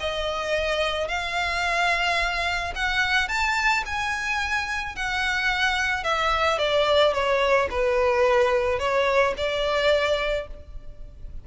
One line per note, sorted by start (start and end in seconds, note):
0.00 1.08 D#5
1.08 2.73 F5
2.75 3.29 F#5
3.29 3.84 A5
3.86 4.96 G#5
4.96 6.04 F#5
6.04 6.58 E5
6.58 7.13 D5
7.13 7.68 C#5
7.70 8.79 B4
8.79 9.34 C#5
9.37 10.47 D5